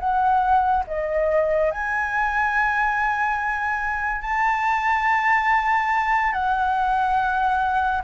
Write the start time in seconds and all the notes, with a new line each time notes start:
0.00 F#5
0.88 D#5
1.72 G#5
4.22 A5
6.33 F#5